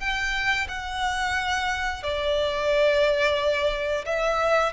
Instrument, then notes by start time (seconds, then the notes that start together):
violin
0.00 G5
0.68 F#5
2.03 D5
4.06 E5